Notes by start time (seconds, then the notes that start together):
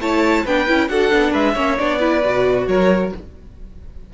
0.00 A3 E4 C#5 A5
0.45 B3 D4 B4 G5
0.67 C#4 E4
0.88 D4 F#4 A4 F#5
1.10 B3 D4
1.32 G#3 B4 E5
1.54 A#3 C#4 C#5
1.78 B3 D4 D5
1.99 E4 B4
2.24 B2 F#4
2.67 F#3 A#4 C#5